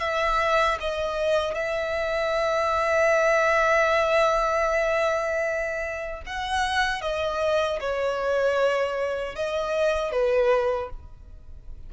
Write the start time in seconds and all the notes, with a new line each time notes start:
0.00 E5
0.80 D#5
1.54 E5
6.26 F#5
7.01 D#5
7.80 C#5
9.35 D#5
10.12 B4